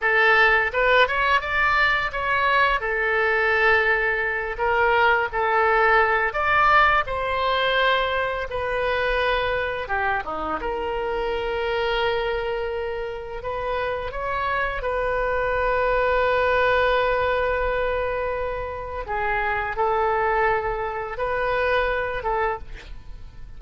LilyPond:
\new Staff \with { instrumentName = "oboe" } { \time 4/4 \tempo 4 = 85 a'4 b'8 cis''8 d''4 cis''4 | a'2~ a'8 ais'4 a'8~ | a'4 d''4 c''2 | b'2 g'8 dis'8 ais'4~ |
ais'2. b'4 | cis''4 b'2.~ | b'2. gis'4 | a'2 b'4. a'8 | }